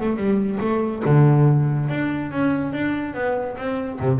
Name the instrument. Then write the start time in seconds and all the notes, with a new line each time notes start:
double bass
0.00 A3
0.17 G3
0.60 A3
1.05 D3
1.90 D4
2.31 C#4
2.73 D4
3.14 B3
3.57 C4
4.00 C3